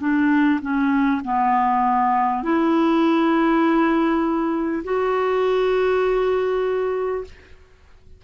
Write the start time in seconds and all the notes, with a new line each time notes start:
0.00 D4
0.62 C#4
1.25 B3
2.43 E4
4.84 F#4